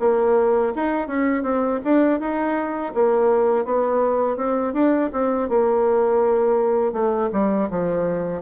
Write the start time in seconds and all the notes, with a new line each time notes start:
0.00 A#3
0.75 D#4
1.08 C#4
1.43 C4
1.84 D4
2.20 D#4
2.95 A#3
3.65 B3
4.37 C4
4.74 D4
5.13 C4
5.49 A#3
6.93 A3
7.32 G3
7.70 F3